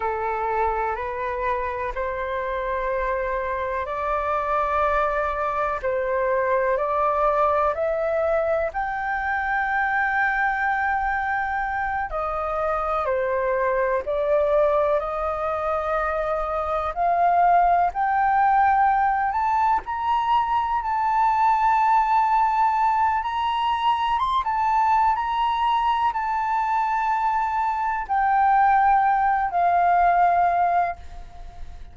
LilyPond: \new Staff \with { instrumentName = "flute" } { \time 4/4 \tempo 4 = 62 a'4 b'4 c''2 | d''2 c''4 d''4 | e''4 g''2.~ | g''8 dis''4 c''4 d''4 dis''8~ |
dis''4. f''4 g''4. | a''8 ais''4 a''2~ a''8 | ais''4 c'''16 a''8. ais''4 a''4~ | a''4 g''4. f''4. | }